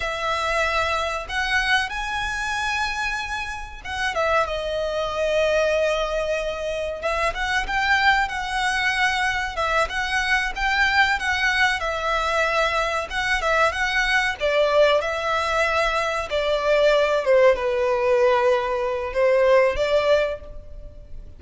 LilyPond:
\new Staff \with { instrumentName = "violin" } { \time 4/4 \tempo 4 = 94 e''2 fis''4 gis''4~ | gis''2 fis''8 e''8 dis''4~ | dis''2. e''8 fis''8 | g''4 fis''2 e''8 fis''8~ |
fis''8 g''4 fis''4 e''4.~ | e''8 fis''8 e''8 fis''4 d''4 e''8~ | e''4. d''4. c''8 b'8~ | b'2 c''4 d''4 | }